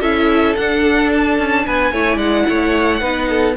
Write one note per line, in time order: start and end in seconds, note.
0.00 0.56 C#4
0.00 0.57 E4
0.00 1.64 A4
0.00 0.55 E5
0.56 1.39 D4
0.56 1.94 D4
0.56 1.11 F#5
1.13 1.67 A5
1.39 1.66 C#4
1.66 1.92 B3
1.66 1.92 B4
1.66 2.18 G#5
1.92 2.17 A3
1.92 3.02 E4
1.92 2.17 C#5
2.17 2.44 G#3
2.17 2.44 D5
2.17 3.55 F#5
2.49 3.01 A3
2.49 3.00 C#5
3.00 3.56 B3
3.00 3.56 D#4
3.00 3.28 B4
3.29 3.57 A4